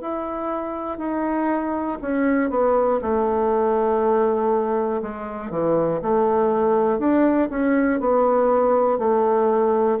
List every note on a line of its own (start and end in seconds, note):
0.00 0.98 E4
0.98 1.98 D#4
2.01 2.50 C#4
2.50 3.00 B3
3.01 5.01 A3
5.01 5.50 G#3
5.50 6.00 E3
6.02 6.99 A3
6.99 7.49 D4
7.50 8.00 C#4
8.00 8.98 B3
8.98 9.98 A3